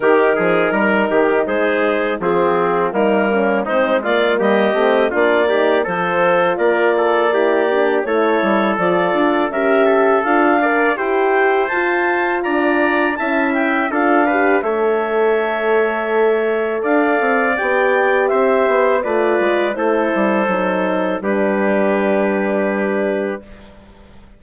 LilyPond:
<<
  \new Staff \with { instrumentName = "clarinet" } { \time 4/4 \tempo 4 = 82 ais'2 c''4 gis'4 | ais'4 c''8 d''8 dis''4 d''4 | c''4 d''2 cis''4 | d''4 e''4 f''4 g''4 |
a''4 ais''4 a''8 g''8 f''4 | e''2. f''4 | g''4 e''4 d''4 c''4~ | c''4 b'2. | }
  \new Staff \with { instrumentName = "trumpet" } { \time 4/4 g'8 gis'8 ais'8 g'8 gis'4 c'4 | ais4 dis'8 f'8 g'4 f'8 g'8 | a'4 ais'8 a'8 g'4 a'4~ | a'4 ais'8 a'4 d''8 c''4~ |
c''4 d''4 e''4 a'8 b'8 | cis''2. d''4~ | d''4 c''4 b'4 a'4~ | a'4 g'2. | }
  \new Staff \with { instrumentName = "horn" } { \time 4/4 dis'2. f'4 | dis'8 cis'8 c'8 ais4 c'8 d'8 dis'8 | f'2 e'8 d'8 e'4 | f'4 g'4 f'8 ais'8 g'4 |
f'2 e'4 f'8 g'8 | a'1 | g'2 f'4 e'4 | dis'4 d'2. | }
  \new Staff \with { instrumentName = "bassoon" } { \time 4/4 dis8 f8 g8 dis8 gis4 f4 | g4 gis4 g8 a8 ais4 | f4 ais2 a8 g8 | f8 d'8 cis'4 d'4 e'4 |
f'4 d'4 cis'4 d'4 | a2. d'8 c'8 | b4 c'8 b8 a8 gis8 a8 g8 | fis4 g2. | }
>>